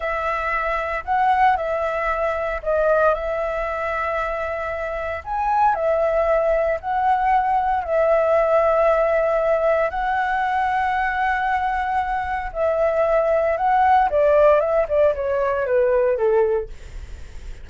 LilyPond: \new Staff \with { instrumentName = "flute" } { \time 4/4 \tempo 4 = 115 e''2 fis''4 e''4~ | e''4 dis''4 e''2~ | e''2 gis''4 e''4~ | e''4 fis''2 e''4~ |
e''2. fis''4~ | fis''1 | e''2 fis''4 d''4 | e''8 d''8 cis''4 b'4 a'4 | }